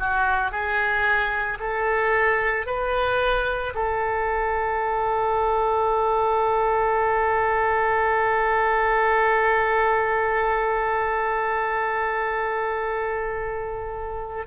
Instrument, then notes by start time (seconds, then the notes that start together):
oboe
0.00 F#4
0.52 G#4
1.60 A4
2.67 B4
3.75 A4